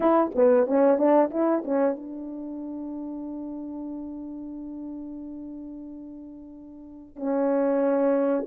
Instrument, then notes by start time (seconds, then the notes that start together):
horn
0.00 E4
0.34 B3
0.66 C#4
0.97 D4
1.30 E4
1.64 C#4
1.96 D4
7.16 C#4